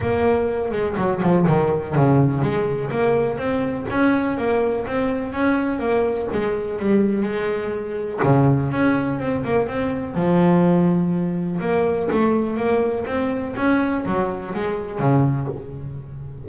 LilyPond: \new Staff \with { instrumentName = "double bass" } { \time 4/4 \tempo 4 = 124 ais4. gis8 fis8 f8 dis4 | cis4 gis4 ais4 c'4 | cis'4 ais4 c'4 cis'4 | ais4 gis4 g4 gis4~ |
gis4 cis4 cis'4 c'8 ais8 | c'4 f2. | ais4 a4 ais4 c'4 | cis'4 fis4 gis4 cis4 | }